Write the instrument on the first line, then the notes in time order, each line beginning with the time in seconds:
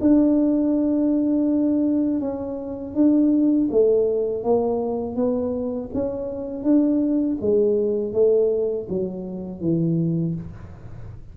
tuba
0.00 D4
2.20 C#4
2.94 D4
3.71 A3
4.43 A#3
5.15 B3
5.93 C#4
6.63 D4
7.41 G#3
8.13 A3
8.89 F#3
9.60 E3